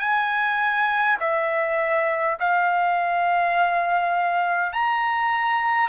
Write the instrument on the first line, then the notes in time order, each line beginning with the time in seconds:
trumpet
0.00 G#5
1.20 E5
2.40 F5
4.73 A#5